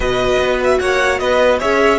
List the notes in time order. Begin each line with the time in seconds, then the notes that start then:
0.00 B2 F#4 B4 D#5
0.38 B3
0.63 E5
0.79 A#3 C#5 F#5
1.18 B3 B4 D#5
1.59 C#4 G#4 C#5 E5